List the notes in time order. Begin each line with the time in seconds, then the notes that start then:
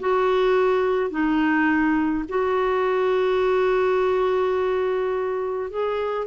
0.00 F#4
1.10 D#4
2.29 F#4
5.70 G#4